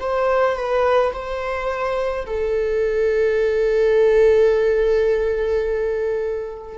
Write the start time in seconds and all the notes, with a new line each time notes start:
0.00 C5
0.56 B4
1.13 C5
2.26 A4